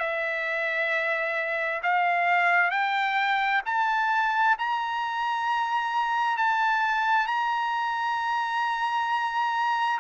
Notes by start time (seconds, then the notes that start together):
0.00 E5
1.83 F5
2.71 G5
3.66 A5
4.59 A#5
6.38 A5
7.27 A#5